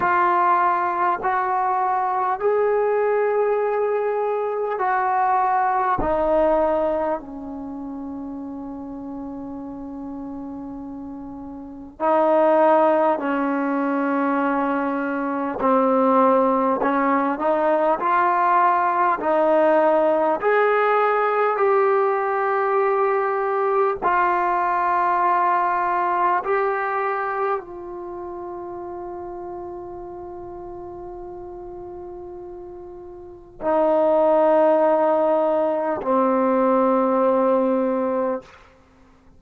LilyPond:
\new Staff \with { instrumentName = "trombone" } { \time 4/4 \tempo 4 = 50 f'4 fis'4 gis'2 | fis'4 dis'4 cis'2~ | cis'2 dis'4 cis'4~ | cis'4 c'4 cis'8 dis'8 f'4 |
dis'4 gis'4 g'2 | f'2 g'4 f'4~ | f'1 | dis'2 c'2 | }